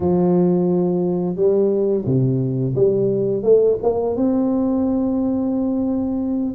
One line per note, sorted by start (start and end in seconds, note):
0.00 1.35 F3
1.35 2.04 G3
2.05 2.74 C3
2.75 3.43 G3
3.43 3.77 A3
3.82 4.15 A#3
4.15 6.55 C4